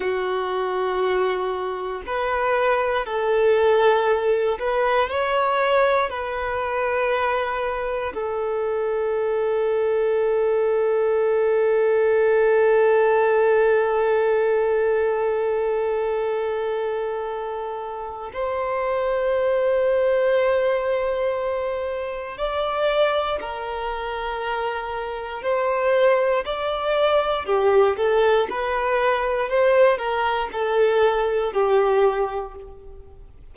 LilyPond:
\new Staff \with { instrumentName = "violin" } { \time 4/4 \tempo 4 = 59 fis'2 b'4 a'4~ | a'8 b'8 cis''4 b'2 | a'1~ | a'1~ |
a'2 c''2~ | c''2 d''4 ais'4~ | ais'4 c''4 d''4 g'8 a'8 | b'4 c''8 ais'8 a'4 g'4 | }